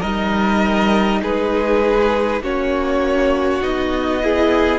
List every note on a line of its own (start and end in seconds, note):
0.00 1.22 G3
0.00 2.41 D#4
0.00 1.20 A#4
0.00 1.21 D#5
1.22 2.41 G#3
1.22 2.42 G#4
1.22 2.43 B4
2.41 3.60 A#3
2.41 3.61 C#4
2.41 4.22 F#4
2.41 3.62 C#5
3.61 4.79 B3
3.61 4.21 D#4
3.61 4.79 D#5
4.22 4.79 E4
4.22 4.79 G#4